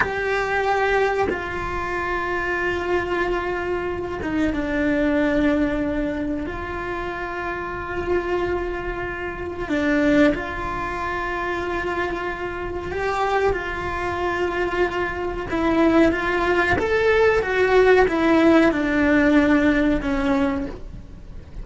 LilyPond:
\new Staff \with { instrumentName = "cello" } { \time 4/4 \tempo 4 = 93 g'2 f'2~ | f'2~ f'8 dis'8 d'4~ | d'2 f'2~ | f'2. d'4 |
f'1 | g'4 f'2. | e'4 f'4 a'4 fis'4 | e'4 d'2 cis'4 | }